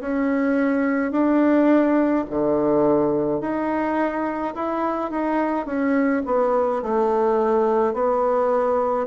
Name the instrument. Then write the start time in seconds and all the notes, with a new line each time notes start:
bassoon
0.00 C#4
1.11 D4
2.30 D3
3.40 D#4
4.54 E4
5.10 D#4
5.66 C#4
6.25 B3
6.82 A3
7.93 B3